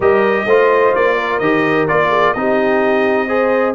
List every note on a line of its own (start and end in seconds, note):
0.00 0.45 G3
0.00 0.47 G4
0.00 0.46 A#4
0.00 0.95 D#5
0.45 0.92 A3
0.45 1.42 F4
0.45 1.17 C5
0.94 1.40 A#3
0.94 1.39 D5
1.17 2.09 A#4
1.39 1.87 D#3
1.39 1.88 G4
1.39 1.86 D#5
1.87 2.34 A#3
1.87 2.35 F4
1.87 2.33 D5
2.09 2.33 G#4
2.33 3.75 C4
2.33 3.28 D#4
2.33 3.27 G4
2.33 3.74 D#5
3.27 3.74 G#4
3.27 3.74 C5